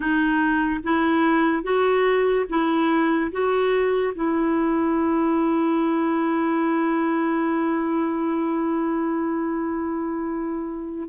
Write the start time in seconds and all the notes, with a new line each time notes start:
0.00 D#4
0.83 E4
1.63 F#4
2.49 E4
3.31 F#4
4.14 E4